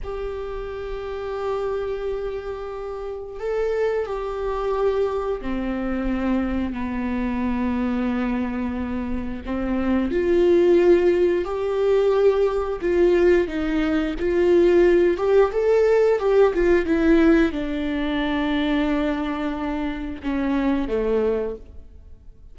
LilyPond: \new Staff \with { instrumentName = "viola" } { \time 4/4 \tempo 4 = 89 g'1~ | g'4 a'4 g'2 | c'2 b2~ | b2 c'4 f'4~ |
f'4 g'2 f'4 | dis'4 f'4. g'8 a'4 | g'8 f'8 e'4 d'2~ | d'2 cis'4 a4 | }